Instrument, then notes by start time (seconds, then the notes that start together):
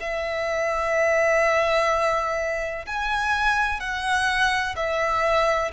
violin
0.00 E5
2.86 G#5
3.80 F#5
4.76 E5